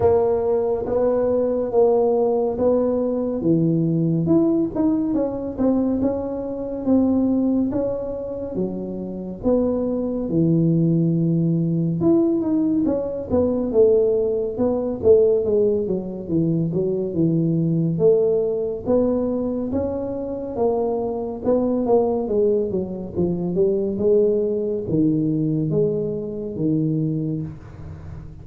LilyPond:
\new Staff \with { instrumentName = "tuba" } { \time 4/4 \tempo 4 = 70 ais4 b4 ais4 b4 | e4 e'8 dis'8 cis'8 c'8 cis'4 | c'4 cis'4 fis4 b4 | e2 e'8 dis'8 cis'8 b8 |
a4 b8 a8 gis8 fis8 e8 fis8 | e4 a4 b4 cis'4 | ais4 b8 ais8 gis8 fis8 f8 g8 | gis4 dis4 gis4 dis4 | }